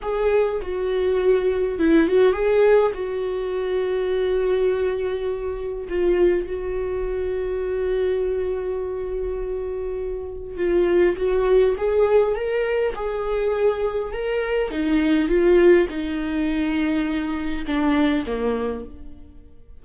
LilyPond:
\new Staff \with { instrumentName = "viola" } { \time 4/4 \tempo 4 = 102 gis'4 fis'2 e'8 fis'8 | gis'4 fis'2.~ | fis'2 f'4 fis'4~ | fis'1~ |
fis'2 f'4 fis'4 | gis'4 ais'4 gis'2 | ais'4 dis'4 f'4 dis'4~ | dis'2 d'4 ais4 | }